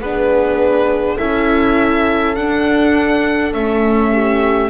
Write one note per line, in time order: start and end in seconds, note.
0.00 1.18 B3
0.00 1.19 D4
0.00 1.18 G#4
0.00 1.18 B4
1.18 2.36 C#4
1.18 2.37 E4
1.18 4.12 A4
1.18 2.35 E5
2.35 3.53 D4
2.35 3.54 D4
2.35 3.53 F#5
3.53 4.69 A3
3.53 4.69 C#4
3.53 4.69 E5
4.12 4.69 G4